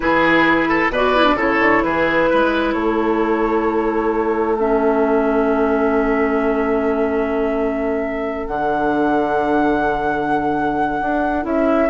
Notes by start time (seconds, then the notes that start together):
0.00 E3 E4 G#4 B4
0.68 A4
0.89 B2 B4 D5
0.95 F#4
1.15 E4
1.24 D4
1.34 C#3 E4 A4
1.41 C#5
1.59 D3
1.83 E3 G#4 B4
2.29 G#3 B4
2.73 A3 A4 C#5
4.58 C#4 E5
8.47 D3 D4 F#5
11.01 D4
11.42 C#4 E4 E5